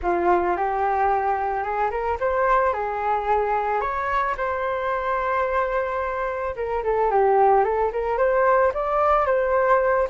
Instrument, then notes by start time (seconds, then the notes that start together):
flute
0.02 F4
0.57 G4
1.63 G#4
1.90 A#4
2.20 C5
2.73 G#4
3.81 C#5
4.37 C5
6.56 A#4
6.83 A4
7.10 G4
7.64 A4
7.92 A#4
8.17 C5
8.73 D5
9.26 C5